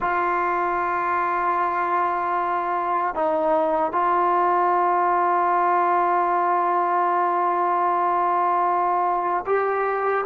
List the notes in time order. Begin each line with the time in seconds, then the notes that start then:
0.00 F4
3.14 D#4
3.92 F4
9.46 G4